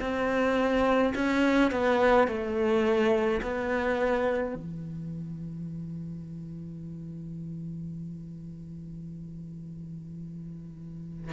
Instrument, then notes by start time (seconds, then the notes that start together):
cello
0.00 C4
1.14 C#4
1.71 B3
2.27 A3
3.42 B3
4.54 E3